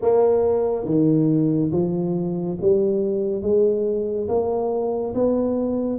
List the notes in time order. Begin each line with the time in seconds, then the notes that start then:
0.01 A#3
0.85 D#3
1.71 F3
2.61 G3
3.42 G#3
4.28 A#3
5.14 B3